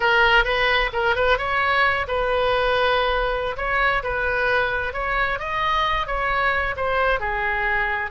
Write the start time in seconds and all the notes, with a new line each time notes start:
0.00 A#4
0.44 B4
0.92 A#4
1.15 B4
1.37 C#5
2.07 B4
3.57 C#5
4.03 B4
4.93 C#5
5.39 D#5
6.06 C#5
6.76 C5
7.19 G#4